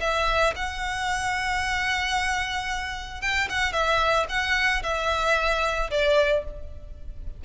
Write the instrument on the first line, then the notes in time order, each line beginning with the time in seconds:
violin
0.00 E5
0.56 F#5
3.21 G5
3.49 F#5
3.73 E5
4.29 F#5
4.83 E5
5.91 D5